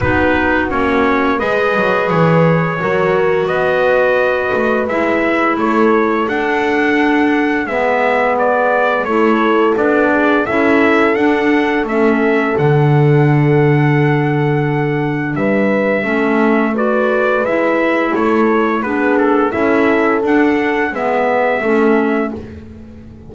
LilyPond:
<<
  \new Staff \with { instrumentName = "trumpet" } { \time 4/4 \tempo 4 = 86 b'4 cis''4 dis''4 cis''4~ | cis''4 dis''2 e''4 | cis''4 fis''2 e''4 | d''4 cis''4 d''4 e''4 |
fis''4 e''4 fis''2~ | fis''2 e''2 | d''4 e''4 cis''4 b'8 a'8 | e''4 fis''4 e''2 | }
  \new Staff \with { instrumentName = "horn" } { \time 4/4 fis'2 b'2 | ais'4 b'2. | a'2. b'4~ | b'4 a'4. gis'8 a'4~ |
a'1~ | a'2 b'4 a'4 | b'2 a'4 gis'4 | a'2 b'4 a'4 | }
  \new Staff \with { instrumentName = "clarinet" } { \time 4/4 dis'4 cis'4 gis'2 | fis'2. e'4~ | e'4 d'2 b4~ | b4 e'4 d'4 e'4 |
d'4 cis'4 d'2~ | d'2. cis'4 | fis'4 e'2 d'4 | e'4 d'4 b4 cis'4 | }
  \new Staff \with { instrumentName = "double bass" } { \time 4/4 b4 ais4 gis8 fis8 e4 | fis4 b4. a8 gis4 | a4 d'2 gis4~ | gis4 a4 b4 cis'4 |
d'4 a4 d2~ | d2 g4 a4~ | a4 gis4 a4 b4 | cis'4 d'4 gis4 a4 | }
>>